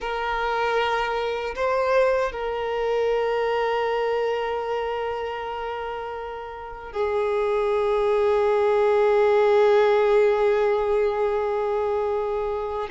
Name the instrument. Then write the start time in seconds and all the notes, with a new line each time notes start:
violin
0.00 A#4
1.55 C5
2.32 A#4
6.92 G#4